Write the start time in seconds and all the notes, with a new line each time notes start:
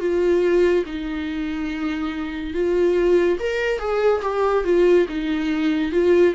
0.00 F4
0.86 D#4
2.54 F4
3.40 A#4
3.79 G#4
4.22 G4
4.65 F4
5.09 D#4
5.92 F4